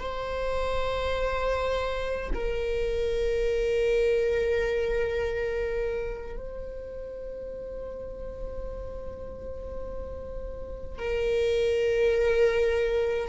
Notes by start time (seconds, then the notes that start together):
0.00 C5
2.34 A#4
6.37 C5
10.99 A#4